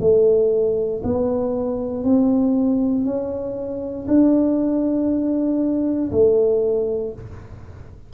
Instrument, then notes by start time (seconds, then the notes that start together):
tuba
0.00 A3
1.03 B3
2.03 C4
3.05 C#4
4.07 D4
6.11 A3